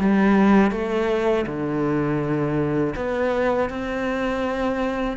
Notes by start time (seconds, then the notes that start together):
0.00 G3
0.71 A3
1.46 D3
2.96 B3
3.70 C4